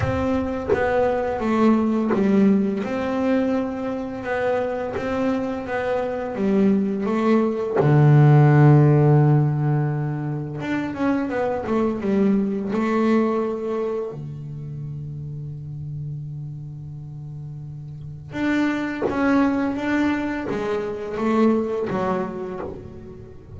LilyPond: \new Staff \with { instrumentName = "double bass" } { \time 4/4 \tempo 4 = 85 c'4 b4 a4 g4 | c'2 b4 c'4 | b4 g4 a4 d4~ | d2. d'8 cis'8 |
b8 a8 g4 a2 | d1~ | d2 d'4 cis'4 | d'4 gis4 a4 fis4 | }